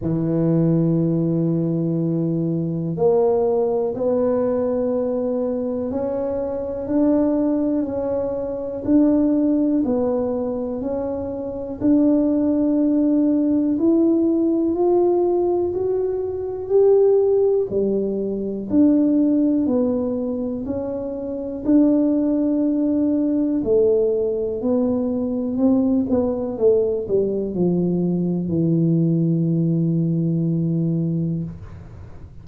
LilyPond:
\new Staff \with { instrumentName = "tuba" } { \time 4/4 \tempo 4 = 61 e2. ais4 | b2 cis'4 d'4 | cis'4 d'4 b4 cis'4 | d'2 e'4 f'4 |
fis'4 g'4 g4 d'4 | b4 cis'4 d'2 | a4 b4 c'8 b8 a8 g8 | f4 e2. | }